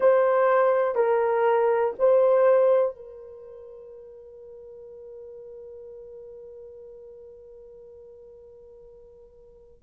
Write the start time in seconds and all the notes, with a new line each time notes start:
0.00 C5
0.95 A#4
1.99 C5
2.95 A#4